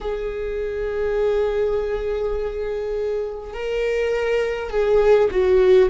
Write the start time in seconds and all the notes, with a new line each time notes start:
0.00 G#4
3.53 A#4
4.70 G#4
5.30 F#4